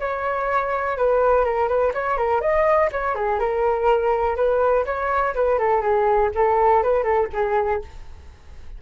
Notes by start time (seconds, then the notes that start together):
0.00 C#5
0.98 B4
1.45 A#4
1.69 B4
1.94 C#5
2.18 A#4
2.41 D#5
2.92 C#5
3.15 G#4
3.39 A#4
4.36 B4
4.86 C#5
5.35 B4
5.59 A4
5.81 G#4
6.35 A4
6.83 B4
7.04 A4
7.33 G#4